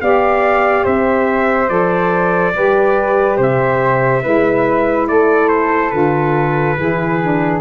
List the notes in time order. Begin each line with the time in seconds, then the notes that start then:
0.00 B3 G4 D5 F5
0.83 C4 C5 E5
1.68 F3 A4 D5
2.53 G3 G4 B4
3.37 C3 C5 E5
4.22 G#3 E4 B4
5.08 A3 A4 D5
5.48 C5
5.90 D3 F4 B4
6.78 E3 E4 G#4
7.21 D4